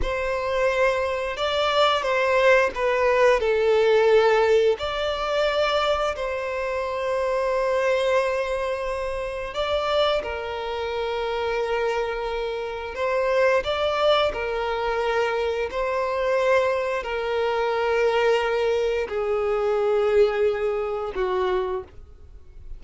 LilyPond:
\new Staff \with { instrumentName = "violin" } { \time 4/4 \tempo 4 = 88 c''2 d''4 c''4 | b'4 a'2 d''4~ | d''4 c''2.~ | c''2 d''4 ais'4~ |
ais'2. c''4 | d''4 ais'2 c''4~ | c''4 ais'2. | gis'2. fis'4 | }